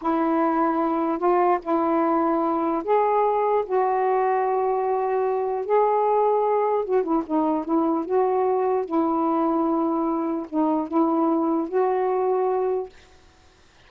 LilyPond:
\new Staff \with { instrumentName = "saxophone" } { \time 4/4 \tempo 4 = 149 e'2. f'4 | e'2. gis'4~ | gis'4 fis'2.~ | fis'2 gis'2~ |
gis'4 fis'8 e'8 dis'4 e'4 | fis'2 e'2~ | e'2 dis'4 e'4~ | e'4 fis'2. | }